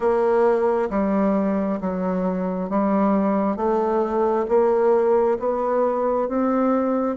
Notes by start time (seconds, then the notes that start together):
0.00 A#3
0.90 G3
1.80 F#3
2.69 G3
3.56 A3
4.48 A#3
5.39 B3
6.28 C4